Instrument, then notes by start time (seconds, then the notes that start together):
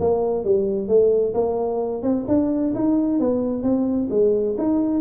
tuba
0.00 A#3
0.44 G3
0.88 A3
1.34 A#3
2.03 C4
2.28 D4
2.75 D#4
3.20 B3
3.63 C4
4.10 G#3
4.58 D#4